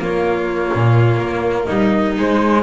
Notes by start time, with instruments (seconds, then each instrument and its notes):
0.00 double bass A#3, cello A#3, violin F4, flute C#5
0.74 double bass A#2
1.19 double bass A#3
1.65 double bass G3, violin D#4, flute D#5
2.17 double bass G#3, cello G#3, flute C5